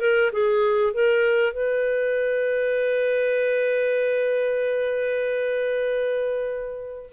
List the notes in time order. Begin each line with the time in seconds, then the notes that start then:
0.00 A#4
0.32 G#4
0.93 A#4
1.53 B4